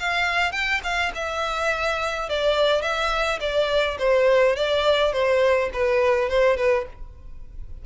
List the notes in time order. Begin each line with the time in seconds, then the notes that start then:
0.00 F5
0.52 G5
0.84 F5
1.15 E5
2.29 D5
2.82 E5
3.41 D5
3.99 C5
4.56 D5
5.13 C5
5.73 B4
6.30 C5
6.57 B4